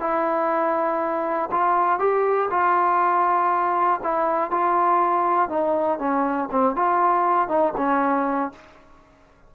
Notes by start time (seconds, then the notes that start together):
0.00 E4
1.51 F4
2.00 G4
2.51 F4
4.04 E4
4.51 F4
5.49 D#4
5.99 C#4
6.51 C4
6.76 F4
7.48 D#4
7.77 C#4